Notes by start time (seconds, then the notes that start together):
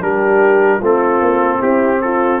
0.00 G3 D4 G4 A#4
0.78 A3 C4 F4
0.85 A4
1.20 A#3
1.59 C4 E4 G4
2.01 F4 A4